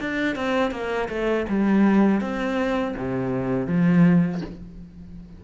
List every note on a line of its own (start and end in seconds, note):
0.00 0.35 D4
0.35 0.71 C4
0.71 1.08 A#3
1.09 1.46 A3
1.48 2.21 G3
2.21 2.95 C4
2.97 3.67 C3
3.67 4.41 F3